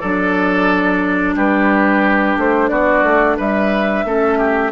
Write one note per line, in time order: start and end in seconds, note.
0.00 1.36 F#3
0.00 4.06 D4
0.00 1.36 A4
0.00 1.35 D5
1.36 2.37 G3
1.36 2.71 G4
1.36 2.39 B4
2.37 2.71 A3
2.37 2.69 C5
2.69 3.04 B3
2.69 3.37 F#4
2.69 3.36 D5
3.04 3.37 A3
3.37 4.05 G3
3.37 4.05 B4
3.37 4.72 E5
4.05 4.72 A3
4.05 4.72 C#4
4.05 4.38 A4
4.38 4.72 G4